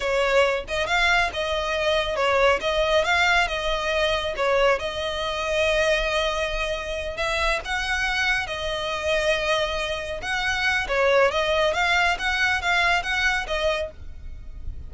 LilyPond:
\new Staff \with { instrumentName = "violin" } { \time 4/4 \tempo 4 = 138 cis''4. dis''8 f''4 dis''4~ | dis''4 cis''4 dis''4 f''4 | dis''2 cis''4 dis''4~ | dis''1~ |
dis''8 e''4 fis''2 dis''8~ | dis''2.~ dis''8 fis''8~ | fis''4 cis''4 dis''4 f''4 | fis''4 f''4 fis''4 dis''4 | }